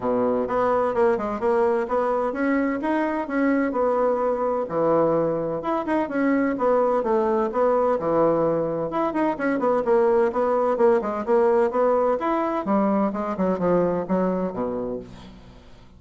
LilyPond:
\new Staff \with { instrumentName = "bassoon" } { \time 4/4 \tempo 4 = 128 b,4 b4 ais8 gis8 ais4 | b4 cis'4 dis'4 cis'4 | b2 e2 | e'8 dis'8 cis'4 b4 a4 |
b4 e2 e'8 dis'8 | cis'8 b8 ais4 b4 ais8 gis8 | ais4 b4 e'4 g4 | gis8 fis8 f4 fis4 b,4 | }